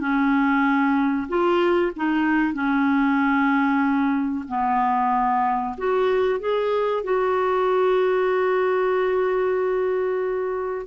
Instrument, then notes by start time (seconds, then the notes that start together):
clarinet
0.00 C#4
1.29 F4
1.96 D#4
2.54 C#4
4.48 B3
5.78 F#4
6.40 G#4
7.04 F#4